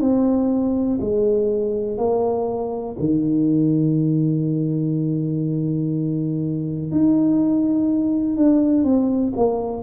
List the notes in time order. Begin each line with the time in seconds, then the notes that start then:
0.00 C4
1.01 G#3
1.97 A#3
2.99 D#3
6.91 D#4
8.37 D4
8.84 C4
9.36 A#3